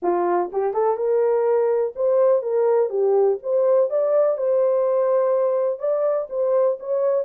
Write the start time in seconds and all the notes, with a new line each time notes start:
0.02 F4
0.52 G4
0.73 A4
0.96 A#4
1.95 C5
2.42 A#4
2.89 G4
3.42 C5
3.90 D5
4.37 C5
5.79 D5
6.29 C5
6.79 C#5